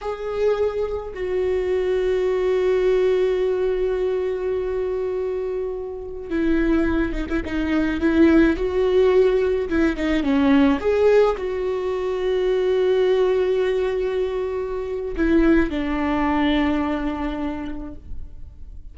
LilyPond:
\new Staff \with { instrumentName = "viola" } { \time 4/4 \tempo 4 = 107 gis'2 fis'2~ | fis'1~ | fis'2.~ fis'16 e'8.~ | e'8. dis'16 e'16 dis'4 e'4 fis'8.~ |
fis'4~ fis'16 e'8 dis'8 cis'4 gis'8.~ | gis'16 fis'2.~ fis'8.~ | fis'2. e'4 | d'1 | }